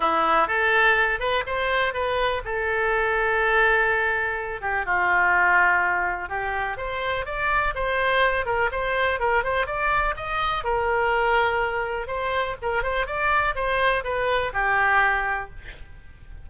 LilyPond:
\new Staff \with { instrumentName = "oboe" } { \time 4/4 \tempo 4 = 124 e'4 a'4. b'8 c''4 | b'4 a'2.~ | a'4. g'8 f'2~ | f'4 g'4 c''4 d''4 |
c''4. ais'8 c''4 ais'8 c''8 | d''4 dis''4 ais'2~ | ais'4 c''4 ais'8 c''8 d''4 | c''4 b'4 g'2 | }